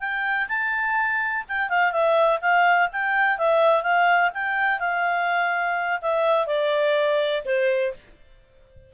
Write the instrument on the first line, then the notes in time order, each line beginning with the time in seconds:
clarinet
0.00 G5
0.48 A5
1.48 G5
1.69 F5
1.92 E5
2.41 F5
2.92 G5
3.38 E5
3.83 F5
4.34 G5
4.80 F5
6.02 E5
6.47 D5
7.45 C5